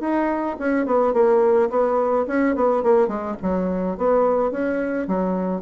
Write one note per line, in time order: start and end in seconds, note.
0.00 0.56 D#4
0.59 0.85 C#4
0.85 1.13 B3
1.13 1.69 A#3
1.69 2.25 B3
2.27 2.55 C#4
2.55 2.82 B3
2.82 3.07 A#3
3.07 3.35 G#3
3.42 3.97 F#3
3.97 4.51 B3
4.51 5.07 C#4
5.07 5.61 F#3